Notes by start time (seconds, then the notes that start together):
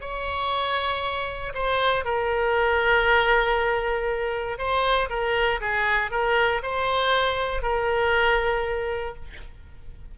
0.00 C#5
1.54 C5
2.04 A#4
4.58 C5
5.09 A#4
5.60 G#4
6.11 A#4
6.62 C5
7.62 A#4